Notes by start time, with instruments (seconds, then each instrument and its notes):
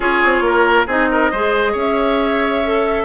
0.00 bassoon C#4, clarinet F4, oboe G#4, flute C#5
0.24 bassoon C4
0.40 bassoon A#3, oboe A#4
0.87 bassoon C4, clarinet D#4, oboe G#4, flute D#5
1.11 oboe A#4
1.31 bassoon G#3, clarinet G#4, oboe C5
1.72 bassoon C#4, oboe C#5, flute E5
2.65 clarinet A4